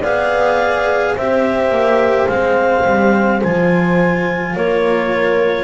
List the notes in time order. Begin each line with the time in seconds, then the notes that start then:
0.00 B3 G#4 D5 F5
1.15 C4 G4 C5 E5
1.71 A#3
2.28 G#3 C4 F5
2.86 G3
3.43 F3 F4 G#5
4.56 A#3 A#4 C#5